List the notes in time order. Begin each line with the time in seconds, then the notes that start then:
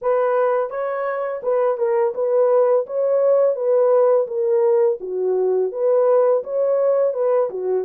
0.01 B4
0.69 C#5
1.42 B4
1.77 A#4
2.14 B4
2.86 C#5
3.55 B4
4.27 A#4
5.00 F#4
5.71 B4
6.43 C#5
7.13 B4
7.49 F#4